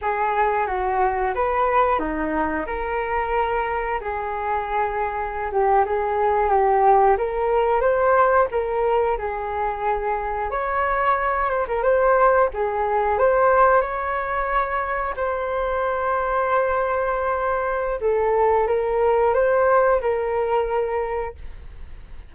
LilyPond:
\new Staff \with { instrumentName = "flute" } { \time 4/4 \tempo 4 = 90 gis'4 fis'4 b'4 dis'4 | ais'2 gis'2~ | gis'16 g'8 gis'4 g'4 ais'4 c''16~ | c''8. ais'4 gis'2 cis''16~ |
cis''4~ cis''16 c''16 ais'16 c''4 gis'4 c''16~ | c''8. cis''2 c''4~ c''16~ | c''2. a'4 | ais'4 c''4 ais'2 | }